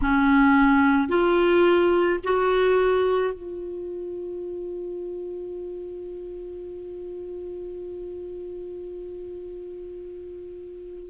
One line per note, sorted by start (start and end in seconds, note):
0.01 1.08 C#4
1.08 2.19 F4
2.23 3.33 F#4
3.33 11.09 F4